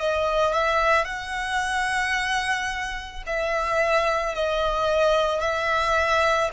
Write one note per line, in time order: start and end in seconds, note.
0.00 0.54 D#5
0.54 1.05 E5
1.05 3.23 F#5
3.26 4.34 E5
4.34 5.41 D#5
5.41 6.50 E5